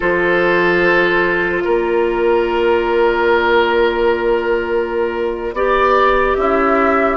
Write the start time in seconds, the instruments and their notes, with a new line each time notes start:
0.00 bassoon F3, clarinet F4, oboe A4, flute C5
1.64 bassoon A#3, oboe A#4, flute D5
5.53 bassoon B3, clarinet G4, oboe D5
6.33 bassoon C#4, oboe E4, flute E5